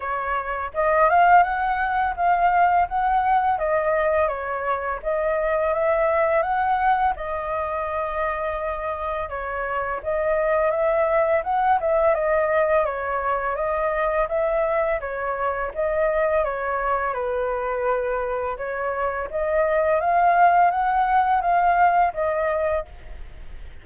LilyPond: \new Staff \with { instrumentName = "flute" } { \time 4/4 \tempo 4 = 84 cis''4 dis''8 f''8 fis''4 f''4 | fis''4 dis''4 cis''4 dis''4 | e''4 fis''4 dis''2~ | dis''4 cis''4 dis''4 e''4 |
fis''8 e''8 dis''4 cis''4 dis''4 | e''4 cis''4 dis''4 cis''4 | b'2 cis''4 dis''4 | f''4 fis''4 f''4 dis''4 | }